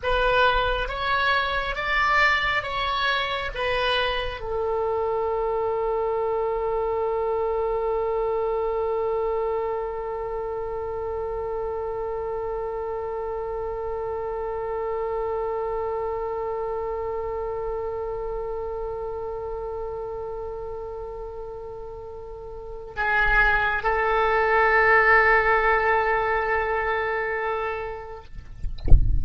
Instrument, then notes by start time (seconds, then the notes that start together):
oboe
0.02 B4
0.88 C#5
1.75 D5
2.62 C#5
3.54 B4
4.40 A4
22.96 G#4
23.83 A4